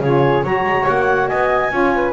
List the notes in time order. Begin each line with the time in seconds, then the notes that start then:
0.00 C#3 F4 G#4 C#5
0.44 F#3 F#4 C#5 A#5
0.63 G#3
0.87 A#3 F#5
1.28 B3 D#5 G#5
1.70 C#4 F4 C#5
1.95 B4